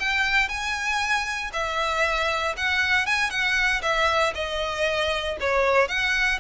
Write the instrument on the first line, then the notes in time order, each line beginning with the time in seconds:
violin
0.00 G5
0.49 G#5
1.53 E5
2.57 F#5
3.07 G#5
3.31 F#5
3.83 E5
4.35 D#5
5.41 C#5
5.89 F#5